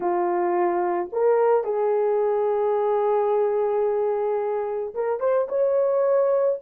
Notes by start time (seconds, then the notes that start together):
0.00 F4
1.12 A#4
1.63 G#4
4.94 A#4
5.20 C5
5.48 C#5